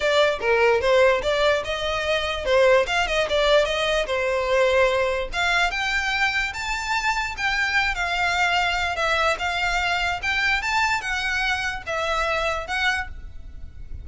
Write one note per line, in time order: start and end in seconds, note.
0.00 0.39 D5
0.40 0.80 A#4
0.80 1.21 C5
1.22 1.63 D5
1.64 2.45 D#5
2.45 2.86 C5
2.86 3.07 F5
3.07 3.27 D#5
3.29 3.65 D5
3.65 4.05 D#5
4.06 5.29 C5
5.32 5.71 F5
5.71 6.52 G5
6.53 7.35 A5
7.37 7.94 G5
7.94 8.96 F5
8.96 9.36 E5
9.39 10.20 F5
10.22 10.61 G5
10.61 11.01 A5
11.01 11.83 F#5
11.86 12.67 E5
12.67 13.07 F#5